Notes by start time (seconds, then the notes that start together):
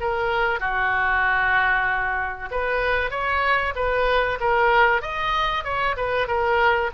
0.00 A#4
0.59 F#4
2.51 B4
3.10 C#5
3.75 B4
4.40 A#4
5.02 D#5
5.64 C#5
5.96 B4
6.27 A#4